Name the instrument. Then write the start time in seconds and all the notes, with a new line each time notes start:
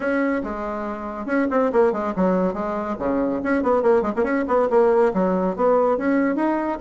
bassoon
0.00 C#4
0.43 G#3
1.26 C#4
1.50 C4
1.72 A#3
1.92 G#3
2.16 F#3
2.53 G#3
2.98 C#3
3.43 C#4
3.62 B3
3.82 A#3
4.02 G#3
4.16 A#3
4.23 C#4
4.47 B3
4.70 A#3
5.13 F#3
5.56 B3
5.97 C#4
6.35 D#4